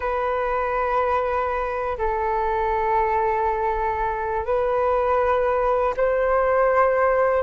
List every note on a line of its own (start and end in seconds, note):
0.00 1.97 B4
1.97 4.45 A4
4.45 5.94 B4
5.96 7.43 C5